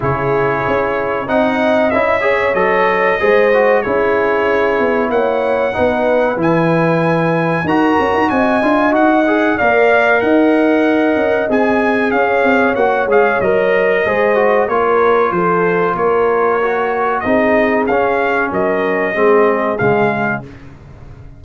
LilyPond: <<
  \new Staff \with { instrumentName = "trumpet" } { \time 4/4 \tempo 4 = 94 cis''2 fis''4 e''4 | dis''2 cis''2 | fis''2 gis''2 | ais''4 gis''4 fis''4 f''4 |
fis''2 gis''4 f''4 | fis''8 f''8 dis''2 cis''4 | c''4 cis''2 dis''4 | f''4 dis''2 f''4 | }
  \new Staff \with { instrumentName = "horn" } { \time 4/4 gis'2 dis''4. cis''8~ | cis''4 c''4 gis'2 | cis''4 b'2. | ais'4 dis''2 d''4 |
dis''2. cis''4~ | cis''2 c''4 ais'4 | a'4 ais'2 gis'4~ | gis'4 ais'4 gis'2 | }
  \new Staff \with { instrumentName = "trombone" } { \time 4/4 e'2 dis'4 e'8 gis'8 | a'4 gis'8 fis'8 e'2~ | e'4 dis'4 e'2 | fis'4. f'8 fis'8 gis'8 ais'4~ |
ais'2 gis'2 | fis'8 gis'8 ais'4 gis'8 fis'8 f'4~ | f'2 fis'4 dis'4 | cis'2 c'4 gis4 | }
  \new Staff \with { instrumentName = "tuba" } { \time 4/4 cis4 cis'4 c'4 cis'4 | fis4 gis4 cis'4. b8 | ais4 b4 e2 | dis'8 cis'16 dis'16 c'8 d'8 dis'4 ais4 |
dis'4. cis'8 c'4 cis'8 c'8 | ais8 gis8 fis4 gis4 ais4 | f4 ais2 c'4 | cis'4 fis4 gis4 cis4 | }
>>